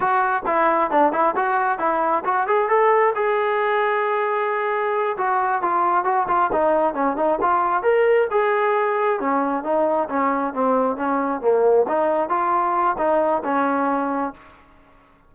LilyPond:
\new Staff \with { instrumentName = "trombone" } { \time 4/4 \tempo 4 = 134 fis'4 e'4 d'8 e'8 fis'4 | e'4 fis'8 gis'8 a'4 gis'4~ | gis'2.~ gis'8 fis'8~ | fis'8 f'4 fis'8 f'8 dis'4 cis'8 |
dis'8 f'4 ais'4 gis'4.~ | gis'8 cis'4 dis'4 cis'4 c'8~ | c'8 cis'4 ais4 dis'4 f'8~ | f'4 dis'4 cis'2 | }